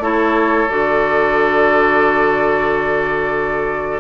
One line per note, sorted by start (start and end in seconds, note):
0.00 0.67 A3
0.00 0.68 E4
0.00 4.00 A4
0.00 0.69 C#5
0.69 4.00 D3
0.69 4.00 F#4
0.69 4.00 D5